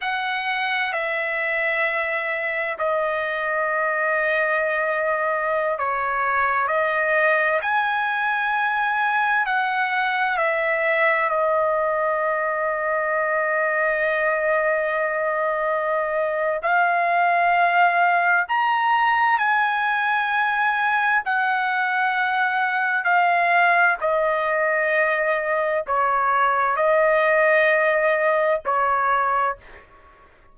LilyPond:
\new Staff \with { instrumentName = "trumpet" } { \time 4/4 \tempo 4 = 65 fis''4 e''2 dis''4~ | dis''2~ dis''16 cis''4 dis''8.~ | dis''16 gis''2 fis''4 e''8.~ | e''16 dis''2.~ dis''8.~ |
dis''2 f''2 | ais''4 gis''2 fis''4~ | fis''4 f''4 dis''2 | cis''4 dis''2 cis''4 | }